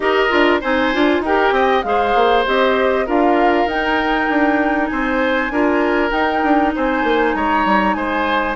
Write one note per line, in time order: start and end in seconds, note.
0.00 0.28 D#4
0.00 0.29 G4
0.00 0.60 A#4
0.00 0.59 D#5
0.29 0.62 D4
0.29 0.59 F4
0.60 0.94 C4
0.60 0.93 D#4
0.60 1.21 C5
0.60 1.23 G#5
0.93 1.20 D4
0.93 1.23 F4
1.20 1.51 D#4
1.20 1.83 G4
1.20 1.53 A#4
1.20 1.82 G5
1.51 1.82 C4
1.51 1.84 D#5
1.82 2.14 G#3
1.82 2.44 G#4
1.82 3.06 C5
1.82 2.43 F5
2.15 2.45 A#3
2.45 3.07 C4
2.45 3.06 G4
2.45 3.08 D#5
3.06 3.66 D4
3.06 3.67 F4
3.06 4.89 A#4
3.06 3.69 F5
3.66 4.27 D#4
3.66 5.51 D#4
3.66 4.87 G5
4.29 4.90 D4
4.87 5.50 C4
4.87 5.52 C5
4.87 6.09 G#5
5.50 6.11 D4
5.50 6.09 F4
5.50 6.74 A#4
6.09 8.54 D#4
6.09 6.42 D#4
6.09 6.72 G5
6.43 6.74 D4
6.75 7.03 C4
6.75 7.35 C5
6.75 7.34 G#5
7.03 7.34 A#3
7.34 7.65 G#3
7.34 7.96 C#5
7.34 7.93 A#5
7.65 7.95 G3
7.93 8.56 G#3
7.93 8.56 C5
7.93 8.54 G#5